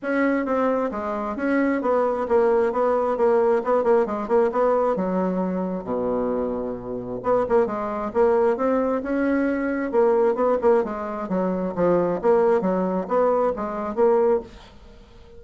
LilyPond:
\new Staff \with { instrumentName = "bassoon" } { \time 4/4 \tempo 4 = 133 cis'4 c'4 gis4 cis'4 | b4 ais4 b4 ais4 | b8 ais8 gis8 ais8 b4 fis4~ | fis4 b,2. |
b8 ais8 gis4 ais4 c'4 | cis'2 ais4 b8 ais8 | gis4 fis4 f4 ais4 | fis4 b4 gis4 ais4 | }